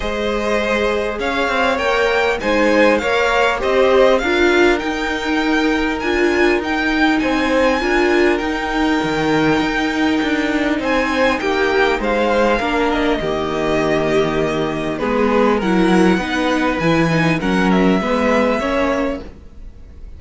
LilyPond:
<<
  \new Staff \with { instrumentName = "violin" } { \time 4/4 \tempo 4 = 100 dis''2 f''4 g''4 | gis''4 f''4 dis''4 f''4 | g''2 gis''4 g''4 | gis''2 g''2~ |
g''2 gis''4 g''4 | f''4. dis''2~ dis''8~ | dis''4 b'4 fis''2 | gis''4 fis''8 e''2~ e''8 | }
  \new Staff \with { instrumentName = "violin" } { \time 4/4 c''2 cis''2 | c''4 cis''4 c''4 ais'4~ | ais'1 | c''4 ais'2.~ |
ais'2 c''4 g'4 | c''4 ais'4 g'2~ | g'4 gis'4 ais'4 b'4~ | b'4 ais'4 b'4 cis''4 | }
  \new Staff \with { instrumentName = "viola" } { \time 4/4 gis'2. ais'4 | dis'4 ais'4 g'4 f'4 | dis'2 f'4 dis'4~ | dis'4 f'4 dis'2~ |
dis'1~ | dis'4 d'4 ais2~ | ais4 b4 e'4 dis'4 | e'8 dis'8 cis'4 b4 cis'4 | }
  \new Staff \with { instrumentName = "cello" } { \time 4/4 gis2 cis'8 c'8 ais4 | gis4 ais4 c'4 d'4 | dis'2 d'4 dis'4 | c'4 d'4 dis'4 dis4 |
dis'4 d'4 c'4 ais4 | gis4 ais4 dis2~ | dis4 gis4 fis4 b4 | e4 fis4 gis4 ais4 | }
>>